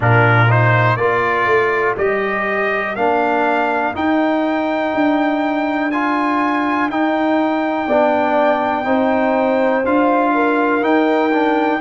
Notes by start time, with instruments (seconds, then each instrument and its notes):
0.00 tuba A#2, trombone D4, horn F4, trumpet A#4
0.49 trombone D#4, trumpet C5
0.96 tuba A#3, trombone F4, horn A#4, trumpet D5
1.46 tuba A3
1.97 tuba G3, trombone G4, trumpet D#5
2.95 tuba A#3, trombone D4, trumpet F5
3.94 trombone D#4, tuba D#4, trumpet G5
4.94 tuba D4
5.91 trombone F4, trumpet G#5
6.89 tuba D#4, trombone D#4, trumpet G5
7.86 tuba B3, trombone D4, horn D5
8.84 tuba C4, trombone D#4, horn C5
9.84 tuba D4, trombone F4, trumpet F5
10.33 horn A#4
10.80 tuba D#4, trombone D#4, trumpet G5
11.31 trombone D4